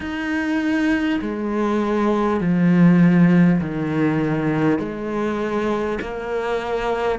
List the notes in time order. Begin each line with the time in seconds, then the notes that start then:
0.00 D#4
1.21 G#3
2.40 F3
3.60 D#3
4.78 G#3
6.01 A#3